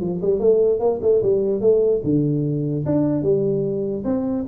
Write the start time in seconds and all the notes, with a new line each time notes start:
0.00 F3
0.21 G3
0.39 A3
0.79 A#3
1.01 A3
1.22 G3
1.61 A3
2.03 D3
2.85 D4
3.22 G3
4.04 C4